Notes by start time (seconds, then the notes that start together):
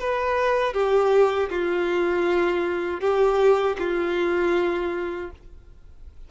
0.00 B4
0.74 G4
1.50 F4
3.01 G4
3.79 F4